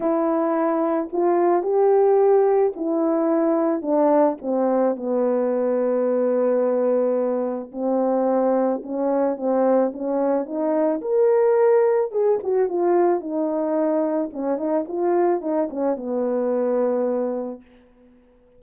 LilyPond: \new Staff \with { instrumentName = "horn" } { \time 4/4 \tempo 4 = 109 e'2 f'4 g'4~ | g'4 e'2 d'4 | c'4 b2.~ | b2 c'2 |
cis'4 c'4 cis'4 dis'4 | ais'2 gis'8 fis'8 f'4 | dis'2 cis'8 dis'8 f'4 | dis'8 cis'8 b2. | }